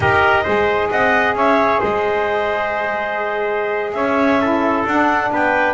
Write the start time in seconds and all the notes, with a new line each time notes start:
0.00 D#4 G4 A#4 D#5
0.43 G#3 G#4 C5
0.90 C4 D#5 F#5
1.34 C#4 C#5 E5
1.79 G#3 C5 D#5
3.93 C#4 C#5 E5
4.41 E4 A4
4.85 D4 F#5
5.31 B3 B4 G5